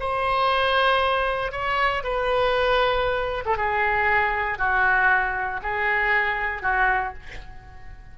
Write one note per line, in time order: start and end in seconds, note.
0.00 1.52 C5
1.52 2.03 C#5
2.04 3.45 B4
3.46 3.57 A4
3.57 4.59 G#4
4.59 5.61 F#4
5.63 6.63 G#4
6.63 7.14 F#4